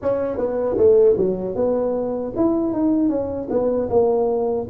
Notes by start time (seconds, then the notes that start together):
0.02 C#4
0.37 B3
0.77 A3
1.17 F#3
1.55 B3
2.36 E4
2.73 D#4
3.09 C#4
3.50 B3
3.89 A#3